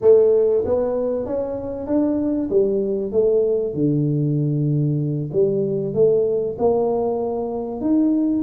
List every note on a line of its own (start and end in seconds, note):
0.01 0.63 A3
0.65 1.26 B3
1.26 1.86 C#4
1.86 2.49 D4
2.50 3.12 G3
3.12 3.74 A3
3.74 5.30 D3
5.32 5.94 G3
5.94 6.56 A3
6.58 7.80 A#3
7.80 8.43 D#4